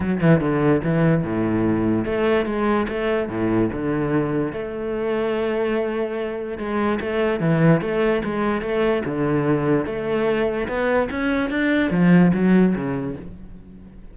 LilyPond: \new Staff \with { instrumentName = "cello" } { \time 4/4 \tempo 4 = 146 fis8 e8 d4 e4 a,4~ | a,4 a4 gis4 a4 | a,4 d2 a4~ | a1 |
gis4 a4 e4 a4 | gis4 a4 d2 | a2 b4 cis'4 | d'4 f4 fis4 cis4 | }